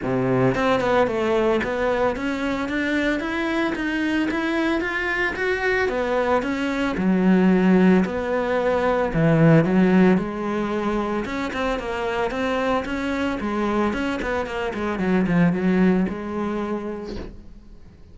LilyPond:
\new Staff \with { instrumentName = "cello" } { \time 4/4 \tempo 4 = 112 c4 c'8 b8 a4 b4 | cis'4 d'4 e'4 dis'4 | e'4 f'4 fis'4 b4 | cis'4 fis2 b4~ |
b4 e4 fis4 gis4~ | gis4 cis'8 c'8 ais4 c'4 | cis'4 gis4 cis'8 b8 ais8 gis8 | fis8 f8 fis4 gis2 | }